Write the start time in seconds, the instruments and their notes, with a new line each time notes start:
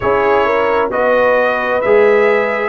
0.00 tuba C#4, trombone E4, horn G#4, trumpet C#5
0.45 horn A#4
0.90 tuba B3, trombone F#4, horn B4, trumpet D#5
1.81 tuba G#3, trombone G#4, trumpet E5